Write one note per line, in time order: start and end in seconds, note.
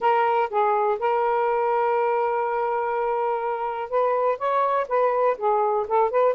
0.00 0.49 A#4
0.49 0.98 G#4
0.99 3.89 A#4
3.89 4.38 B4
4.38 4.86 C#5
4.88 5.37 B4
5.37 5.86 G#4
5.88 6.10 A4
6.10 6.34 B4